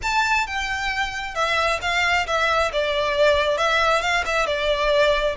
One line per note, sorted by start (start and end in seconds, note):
0.02 0.46 A5
0.46 1.34 G5
1.34 1.79 E5
1.81 2.26 F5
2.27 2.71 E5
2.72 3.57 D5
3.57 4.01 E5
4.01 4.24 F5
4.25 4.46 E5
4.46 5.35 D5